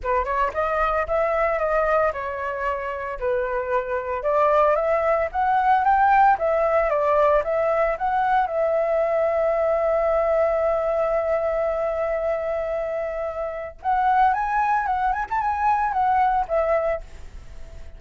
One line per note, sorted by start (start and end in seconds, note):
0.03 0.24 B4
0.24 0.51 C#5
0.53 1.06 D#5
1.07 1.59 E5
1.59 2.12 D#5
2.12 3.19 C#5
3.19 4.22 B4
4.22 4.75 D5
4.75 5.28 E5
5.32 5.84 F#5
5.84 6.37 G5
6.38 6.89 E5
6.89 7.42 D5
7.44 7.97 E5
7.98 8.47 F#5
8.47 13.78 E5
13.82 14.33 F#5
14.33 14.86 G#5
14.86 15.12 F#5
15.12 15.26 G#5
15.29 15.41 A5
15.41 15.92 G#5
15.92 16.45 F#5
16.47 17.01 E5